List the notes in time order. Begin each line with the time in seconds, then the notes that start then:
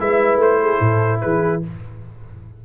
0.00 G#3 E4 B4 E5
0.37 A3 C5
0.61 G#4
0.80 A2 A4
1.21 E3 G#4 B4